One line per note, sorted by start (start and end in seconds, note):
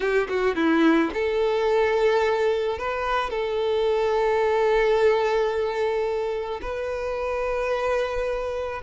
0.00 0.27 G4
0.28 0.55 F#4
0.55 1.10 E4
1.13 2.78 A4
2.78 3.30 B4
3.30 6.60 A4
6.61 8.81 B4